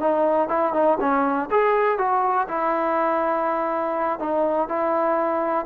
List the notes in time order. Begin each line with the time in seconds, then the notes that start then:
0.00 D#4
0.49 E4
0.74 D#4
1.01 C#4
1.51 G#4
1.99 F#4
2.48 E4
4.20 D#4
4.69 E4